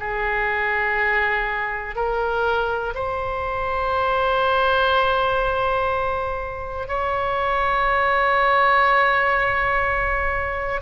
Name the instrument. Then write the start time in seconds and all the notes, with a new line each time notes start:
oboe
0.00 G#4
1.96 A#4
2.95 C5
6.88 C#5